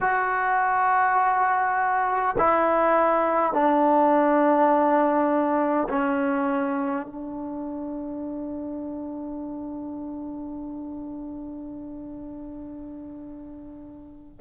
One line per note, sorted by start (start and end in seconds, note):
0.00 2.35 F#4
2.38 3.52 E4
3.52 5.88 D4
5.89 7.06 C#4
7.06 14.40 D4